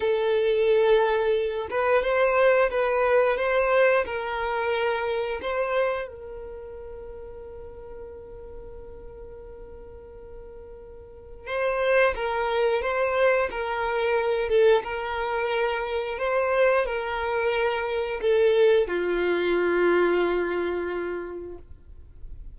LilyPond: \new Staff \with { instrumentName = "violin" } { \time 4/4 \tempo 4 = 89 a'2~ a'8 b'8 c''4 | b'4 c''4 ais'2 | c''4 ais'2.~ | ais'1~ |
ais'4 c''4 ais'4 c''4 | ais'4. a'8 ais'2 | c''4 ais'2 a'4 | f'1 | }